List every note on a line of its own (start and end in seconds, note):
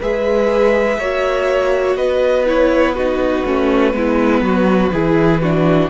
0.00 0.98 G#3
0.00 0.99 G#4
0.00 0.98 B4
0.00 1.96 E5
0.98 1.95 A#3
0.98 2.45 F#4
0.98 1.97 C#5
1.95 3.43 B3
1.95 2.95 B4
1.95 2.45 D#5
2.45 2.95 E4
2.45 2.92 C#5
2.92 3.45 D#4
2.92 3.93 F#4
2.92 5.87 B4
3.45 3.93 A3
3.45 3.93 C#4
3.93 4.41 G#3
3.93 4.91 B3
3.93 4.43 E4
4.41 4.90 F#3
4.41 4.93 F#4
4.92 5.89 E3
4.92 5.41 E4
4.92 5.41 G#4
5.41 5.89 D4
5.41 5.89 F#4